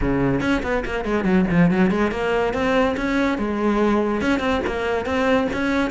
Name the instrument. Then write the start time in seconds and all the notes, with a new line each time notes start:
cello
0.01 C#3
0.40 C#4
0.62 B3
0.85 A#3
1.04 G#3
1.24 F#3
1.50 F3
1.71 F#3
1.90 G#3
2.11 A#3
2.53 C4
2.96 C#4
3.37 G#3
4.21 C#4
4.39 C4
4.66 A#3
5.05 C4
5.53 C#4